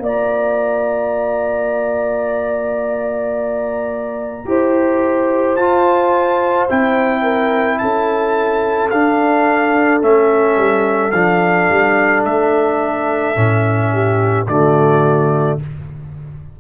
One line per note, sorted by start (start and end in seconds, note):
0.00 4.44 A#3
0.00 4.46 F4
0.00 4.48 D5
0.00 5.56 A#5
4.46 5.56 E4
4.46 5.57 G4
4.46 7.23 C5
5.56 6.68 F4
5.56 6.69 F4
5.56 6.67 A5
6.69 7.82 C4
6.69 8.91 E4
6.69 7.79 G5
7.23 7.78 A#4
7.79 8.92 C#4
7.79 13.93 A4
7.79 8.90 A5
8.91 10.02 D4
8.91 10.02 F5
10.02 10.57 A3
10.02 11.13 C#4
10.02 11.12 E5
10.57 11.12 G3
11.12 11.69 F3
11.12 13.35 D4
11.12 12.23 F5
11.69 12.25 G3
12.25 13.36 A3
12.25 14.47 E5
13.35 14.47 A2
13.35 14.47 C#4
13.93 14.48 G4
14.47 15.59 D3
14.47 15.60 A3
14.47 15.60 F#4
14.47 15.59 D5